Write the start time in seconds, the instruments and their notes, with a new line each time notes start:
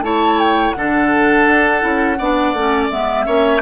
0.00 bassoon A3, clarinet E4, oboe C#5, flute A5
0.39 flute G5
0.71 bassoon D3, clarinet D4, flute F#5
0.78 oboe A4
1.47 bassoon D4
1.80 bassoon C#4, clarinet E4
2.18 bassoon B3, clarinet D4, oboe D5
2.53 bassoon A3, clarinet C#4
2.90 bassoon G#3, clarinet B3, flute E5
3.26 bassoon A#3, clarinet C#4, oboe C#5